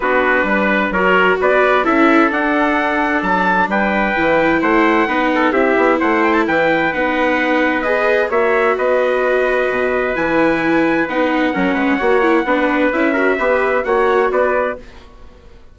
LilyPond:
<<
  \new Staff \with { instrumentName = "trumpet" } { \time 4/4 \tempo 4 = 130 b'2 cis''4 d''4 | e''4 fis''2 a''4 | g''2 fis''2 | e''4 fis''8 g''16 a''16 g''4 fis''4~ |
fis''4 dis''4 e''4 dis''4~ | dis''2 gis''2 | fis''1 | e''2 fis''4 d''4 | }
  \new Staff \with { instrumentName = "trumpet" } { \time 4/4 fis'4 b'4 ais'4 b'4 | a'1 | b'2 c''4 b'8 a'8 | g'4 c''4 b'2~ |
b'2 cis''4 b'4~ | b'1~ | b'4 ais'8 b'8 cis''4 b'4~ | b'8 ais'8 b'4 cis''4 b'4 | }
  \new Staff \with { instrumentName = "viola" } { \time 4/4 d'2 fis'2 | e'4 d'2.~ | d'4 e'2 dis'4 | e'2. dis'4~ |
dis'4 gis'4 fis'2~ | fis'2 e'2 | dis'4 cis'4 fis'8 e'8 d'4 | e'8 fis'8 g'4 fis'2 | }
  \new Staff \with { instrumentName = "bassoon" } { \time 4/4 b4 g4 fis4 b4 | cis'4 d'2 fis4 | g4 e4 a4 b4 | c'8 b8 a4 e4 b4~ |
b2 ais4 b4~ | b4 b,4 e2 | b4 fis8 gis8 ais4 b4 | cis'4 b4 ais4 b4 | }
>>